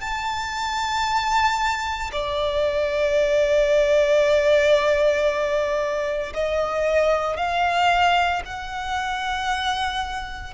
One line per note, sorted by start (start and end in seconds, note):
0.00 2.11 A5
2.12 6.33 D5
6.33 7.36 D#5
7.36 8.42 F5
8.45 10.54 F#5